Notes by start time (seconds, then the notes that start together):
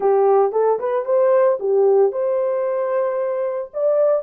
0.00 G4
0.52 A4
0.79 B4
1.05 C5
1.59 G4
2.11 C5
3.73 D5